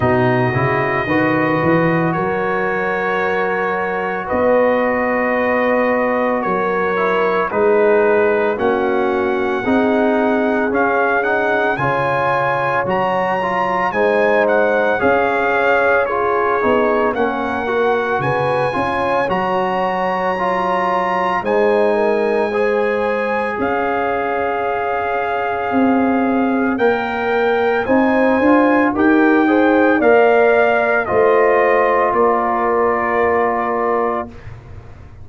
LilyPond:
<<
  \new Staff \with { instrumentName = "trumpet" } { \time 4/4 \tempo 4 = 56 dis''2 cis''2 | dis''2 cis''4 b'4 | fis''2 f''8 fis''8 gis''4 | ais''4 gis''8 fis''8 f''4 cis''4 |
fis''4 gis''4 ais''2 | gis''2 f''2~ | f''4 g''4 gis''4 g''4 | f''4 dis''4 d''2 | }
  \new Staff \with { instrumentName = "horn" } { \time 4/4 fis'4 b'4 ais'2 | b'2 ais'4 gis'4 | fis'4 gis'2 cis''4~ | cis''4 c''4 cis''4 gis'4 |
ais'4 b'8 cis''2~ cis''8 | c''8 ais'8 c''4 cis''2~ | cis''2 c''4 ais'8 c''8 | d''4 c''4 ais'2 | }
  \new Staff \with { instrumentName = "trombone" } { \time 4/4 dis'8 e'8 fis'2.~ | fis'2~ fis'8 e'8 dis'4 | cis'4 dis'4 cis'8 dis'8 f'4 | fis'8 f'8 dis'4 gis'4 f'8 dis'8 |
cis'8 fis'4 f'8 fis'4 f'4 | dis'4 gis'2.~ | gis'4 ais'4 dis'8 f'8 g'8 gis'8 | ais'4 f'2. | }
  \new Staff \with { instrumentName = "tuba" } { \time 4/4 b,8 cis8 dis8 e8 fis2 | b2 fis4 gis4 | ais4 c'4 cis'4 cis4 | fis4 gis4 cis'4. b8 |
ais4 cis8 cis'8 fis2 | gis2 cis'2 | c'4 ais4 c'8 d'8 dis'4 | ais4 a4 ais2 | }
>>